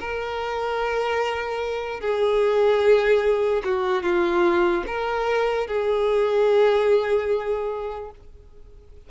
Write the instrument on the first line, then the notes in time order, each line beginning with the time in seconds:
violin
0.00 A#4
2.00 G#4
3.64 F#4
4.03 F4
4.87 A#4
5.67 G#4